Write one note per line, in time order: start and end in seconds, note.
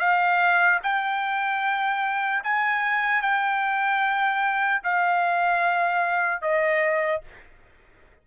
0.00 0.80 F5
0.83 2.43 G5
2.44 3.22 G#5
3.22 4.82 G5
4.84 6.42 F5
6.42 7.22 D#5